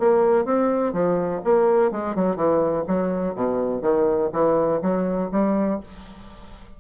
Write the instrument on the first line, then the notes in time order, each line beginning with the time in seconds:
bassoon
0.00 A#3
0.45 C4
0.93 F3
1.45 A#3
1.92 G#3
2.16 F#3
2.36 E3
2.88 F#3
3.35 B2
3.82 D#3
4.33 E3
4.83 F#3
5.32 G3